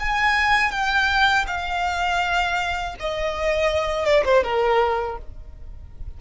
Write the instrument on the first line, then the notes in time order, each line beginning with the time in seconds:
violin
0.00 G#5
0.71 G5
1.47 F5
3.00 D#5
4.05 D5
4.25 C5
4.43 A#4